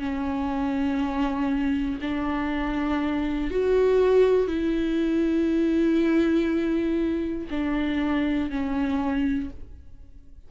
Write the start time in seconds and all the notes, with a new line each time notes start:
0.00 C#4
2.01 D4
3.51 F#4
4.48 E4
7.51 D4
8.51 C#4